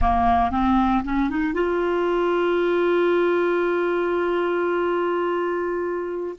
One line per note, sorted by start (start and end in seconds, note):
0.01 0.51 A#3
0.51 1.03 C4
1.04 1.29 C#4
1.29 1.53 D#4
1.53 6.36 F4